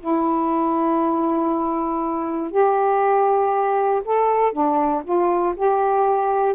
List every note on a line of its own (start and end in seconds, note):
0.00 2.51 E4
2.51 4.03 G4
4.06 4.53 A4
4.53 5.03 D4
5.04 5.55 F4
5.56 6.55 G4